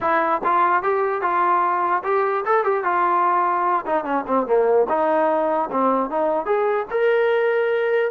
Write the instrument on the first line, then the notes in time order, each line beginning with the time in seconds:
trombone
0.01 E4
0.44 F4
0.82 G4
1.21 F4
2.03 G4
2.45 A4
2.64 G4
2.84 F4
3.86 D#4
4.04 C#4
4.27 C4
4.46 A#3
4.88 D#4
5.71 C4
6.09 D#4
6.45 G#4
6.90 A#4